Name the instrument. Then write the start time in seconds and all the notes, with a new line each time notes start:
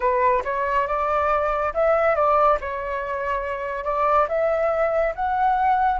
flute
0.00 B4
0.44 C#5
0.87 D5
1.74 E5
2.15 D5
2.60 C#5
3.84 D5
4.28 E5
5.15 F#5